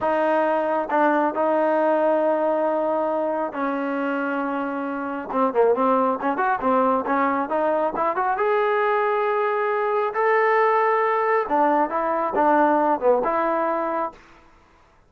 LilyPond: \new Staff \with { instrumentName = "trombone" } { \time 4/4 \tempo 4 = 136 dis'2 d'4 dis'4~ | dis'1 | cis'1 | c'8 ais8 c'4 cis'8 fis'8 c'4 |
cis'4 dis'4 e'8 fis'8 gis'4~ | gis'2. a'4~ | a'2 d'4 e'4 | d'4. b8 e'2 | }